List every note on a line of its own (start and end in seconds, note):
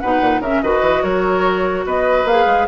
0.00 0.21 B2
0.00 0.43 D#4
0.00 0.41 B4
0.00 0.41 F#5
0.21 0.39 A#2
0.39 0.60 C#3
0.39 0.64 C#4
0.39 0.61 A#4
0.39 0.62 E5
0.62 0.81 D#3
0.62 2.28 F#4
0.62 1.03 B4
0.62 1.03 D#5
0.81 1.01 E3
1.03 1.85 F#3
1.03 1.85 A#4
1.03 1.85 C#5
1.85 2.24 B3
1.85 2.67 B4
1.85 2.27 D#5
2.24 2.45 A#3
2.24 2.67 G#4
2.24 2.67 F5
2.46 2.66 G#3